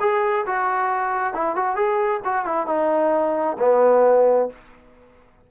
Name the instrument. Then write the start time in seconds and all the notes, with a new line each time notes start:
trombone
0.00 G#4
0.46 F#4
1.33 E4
1.56 F#4
1.76 G#4
2.25 F#4
2.45 E4
2.67 D#4
3.59 B3